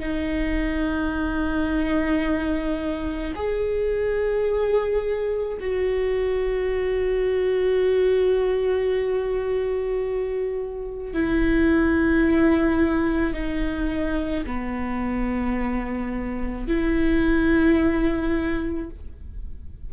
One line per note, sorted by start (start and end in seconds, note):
0.00 3.33 D#4
3.36 5.58 G#4
5.61 11.14 F#4
11.14 13.34 E4
13.34 14.45 D#4
14.46 16.68 B3
16.68 18.90 E4